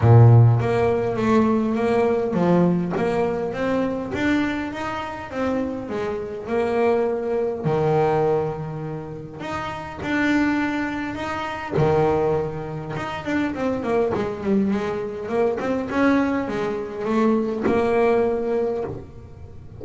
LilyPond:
\new Staff \with { instrumentName = "double bass" } { \time 4/4 \tempo 4 = 102 ais,4 ais4 a4 ais4 | f4 ais4 c'4 d'4 | dis'4 c'4 gis4 ais4~ | ais4 dis2. |
dis'4 d'2 dis'4 | dis2 dis'8 d'8 c'8 ais8 | gis8 g8 gis4 ais8 c'8 cis'4 | gis4 a4 ais2 | }